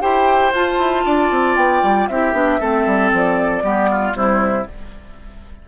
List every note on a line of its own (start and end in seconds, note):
0.00 0.52 E4
0.00 0.52 G4
0.00 1.05 C5
0.00 0.52 G5
0.52 0.78 F4
0.52 2.10 F4
0.52 1.56 A5
0.78 1.04 E4
1.05 1.30 D4
1.05 2.08 D5
1.30 1.56 C4
1.56 1.81 B3
1.56 2.07 G5
1.82 2.08 G3
2.07 2.33 C4
2.07 2.33 E4
2.07 2.59 G4
2.07 3.10 E5
2.33 2.58 B3
2.33 2.59 D4
2.59 2.86 A3
2.59 3.61 C4
2.59 3.63 A4
2.86 3.12 G3
3.12 3.62 F3
3.12 4.15 D5
3.61 4.13 G3
3.61 4.13 B3
3.61 3.89 G4
3.91 4.16 F4
4.13 4.65 C3
4.13 4.65 G3
4.13 4.68 E4
4.13 4.67 C5